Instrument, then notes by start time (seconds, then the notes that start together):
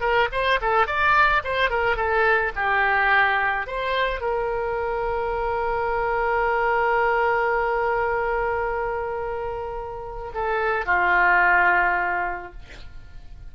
oboe
0.00 A#4
0.32 C5
0.61 A4
0.86 D5
1.43 C5
1.70 A#4
1.96 A4
2.55 G4
3.66 C5
4.20 A#4
10.34 A4
10.85 F4